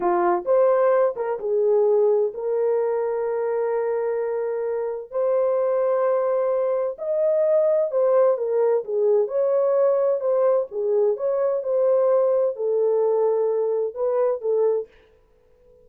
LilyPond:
\new Staff \with { instrumentName = "horn" } { \time 4/4 \tempo 4 = 129 f'4 c''4. ais'8 gis'4~ | gis'4 ais'2.~ | ais'2. c''4~ | c''2. dis''4~ |
dis''4 c''4 ais'4 gis'4 | cis''2 c''4 gis'4 | cis''4 c''2 a'4~ | a'2 b'4 a'4 | }